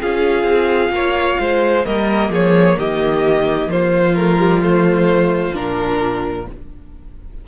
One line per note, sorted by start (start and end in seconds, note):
0.00 0.43 C#4
0.00 1.84 F4
0.00 0.92 G#4
0.00 1.85 F5
0.43 0.89 C4
0.89 1.35 A#3
0.89 1.41 C#5
1.40 1.86 G#3
1.40 1.86 C5
1.84 2.29 G3
1.84 4.15 A#3
1.84 2.31 A#4
1.84 2.31 D#5
2.29 2.75 F3
2.29 2.77 G#4
2.29 2.79 C#5
2.78 3.67 D#3
2.78 3.70 G4
2.78 3.70 D#5
3.67 5.51 F3
3.67 6.47 F4
3.67 4.15 C5
4.15 4.39 A3
4.15 4.61 A#4
4.39 4.61 G3
4.61 5.53 A3
4.61 5.55 C5
5.53 6.46 A#2
5.53 6.46 D4
5.53 6.47 A#4